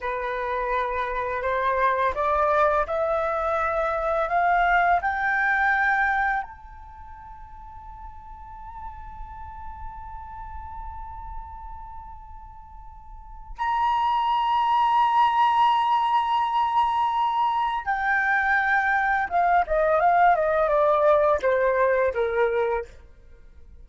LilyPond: \new Staff \with { instrumentName = "flute" } { \time 4/4 \tempo 4 = 84 b'2 c''4 d''4 | e''2 f''4 g''4~ | g''4 a''2.~ | a''1~ |
a''2. ais''4~ | ais''1~ | ais''4 g''2 f''8 dis''8 | f''8 dis''8 d''4 c''4 ais'4 | }